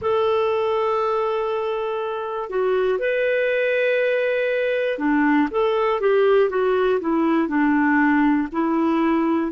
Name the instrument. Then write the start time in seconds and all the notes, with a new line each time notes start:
clarinet
0.01 A4
2.49 F#4
2.99 B4
4.98 D4
5.50 A4
6.00 G4
6.50 F#4
7.00 E4
7.47 D4
8.51 E4